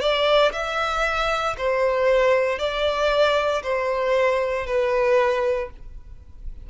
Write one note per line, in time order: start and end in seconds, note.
0.00 0.52 D5
0.52 1.56 E5
1.58 2.59 C5
2.59 3.62 D5
3.63 4.66 C5
4.66 5.69 B4